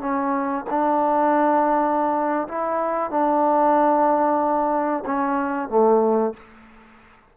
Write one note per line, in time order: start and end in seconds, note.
0.00 0.65 C#4
0.70 2.48 D4
2.48 3.10 E4
3.10 5.04 D4
5.06 5.69 C#4
5.69 6.33 A3